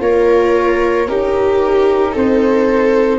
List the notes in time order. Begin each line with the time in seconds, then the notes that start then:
0.00 A#3 F4 A#4 C#5
1.08 C#4 D#4 G4 A#4
2.12 C4 A4 C5